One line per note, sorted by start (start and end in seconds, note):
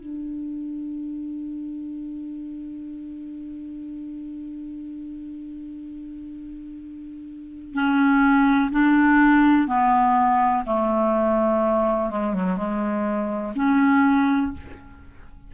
0.00 7.74 D4
7.74 8.71 C#4
8.72 9.68 D4
9.68 10.65 B3
10.66 12.11 A3
12.11 12.34 G#3
12.34 12.57 F#3
12.57 13.54 G#3
13.56 14.52 C#4